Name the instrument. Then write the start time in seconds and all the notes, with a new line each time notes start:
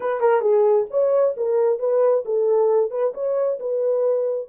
horn
0.00 B4
0.20 A#4
0.41 G#4
0.90 C#5
1.36 A#4
1.79 B4
2.25 A4
2.90 B4
3.13 C#5
3.59 B4